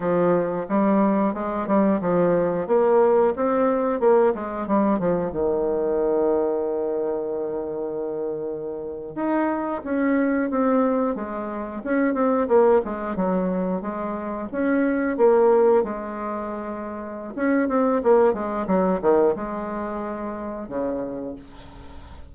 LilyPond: \new Staff \with { instrumentName = "bassoon" } { \time 4/4 \tempo 4 = 90 f4 g4 gis8 g8 f4 | ais4 c'4 ais8 gis8 g8 f8 | dis1~ | dis4.~ dis16 dis'4 cis'4 c'16~ |
c'8. gis4 cis'8 c'8 ais8 gis8 fis16~ | fis8. gis4 cis'4 ais4 gis16~ | gis2 cis'8 c'8 ais8 gis8 | fis8 dis8 gis2 cis4 | }